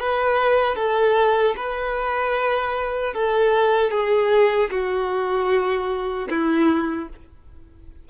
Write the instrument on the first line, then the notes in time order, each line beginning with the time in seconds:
violin
0.00 B4
0.76 A4
1.57 B4
3.14 A4
3.91 G#4
4.71 F#4
6.30 E4